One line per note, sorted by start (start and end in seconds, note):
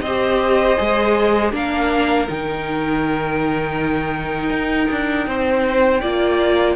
0.00 0.76 C4
0.00 1.52 C5
0.00 1.50 D#5
0.06 0.77 G4
0.77 1.53 G#3
0.77 1.51 G#4
1.51 2.27 A#3
1.51 2.26 D4
1.51 5.27 A#4
1.51 2.29 F5
2.28 4.49 D#3
2.28 6.02 D#4
2.28 6.75 G5
4.49 4.87 D#4
4.91 5.27 D4
5.27 6.02 C4
5.27 6.00 C5
6.00 6.75 A#3
6.00 6.75 F4
6.00 6.75 D5